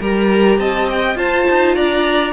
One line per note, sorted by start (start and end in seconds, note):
0.00 0.58 G3
0.00 1.16 G4
0.00 0.59 A#4
0.00 0.60 A#5
0.58 1.15 C4
0.58 1.18 D#5
0.58 0.89 A5
0.90 1.18 G5
1.15 1.45 F4
1.15 2.32 F4
1.15 1.75 C5
1.15 1.75 A5
1.50 1.77 D#4
1.75 2.32 D4
1.75 2.32 D5
1.75 2.32 A#5